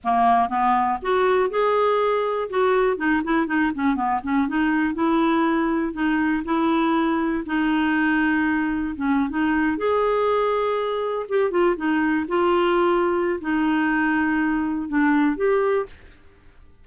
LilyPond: \new Staff \with { instrumentName = "clarinet" } { \time 4/4 \tempo 4 = 121 ais4 b4 fis'4 gis'4~ | gis'4 fis'4 dis'8 e'8 dis'8 cis'8 | b8 cis'8 dis'4 e'2 | dis'4 e'2 dis'4~ |
dis'2 cis'8. dis'4 gis'16~ | gis'2~ gis'8. g'8 f'8 dis'16~ | dis'8. f'2~ f'16 dis'4~ | dis'2 d'4 g'4 | }